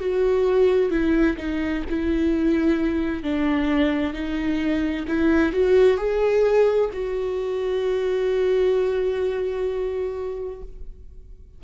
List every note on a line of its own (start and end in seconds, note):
0.00 0.91 F#4
0.91 1.37 E4
1.37 1.83 D#4
1.90 3.23 E4
3.23 4.14 D4
4.14 5.06 D#4
5.08 5.53 E4
5.53 5.97 F#4
5.97 6.90 G#4
6.94 10.63 F#4